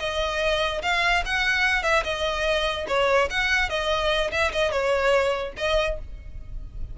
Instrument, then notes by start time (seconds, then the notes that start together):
violin
0.00 D#5
0.83 F5
1.26 F#5
1.83 E5
2.05 D#5
2.88 C#5
3.31 F#5
3.70 D#5
4.32 E5
4.53 D#5
4.72 C#5
5.58 D#5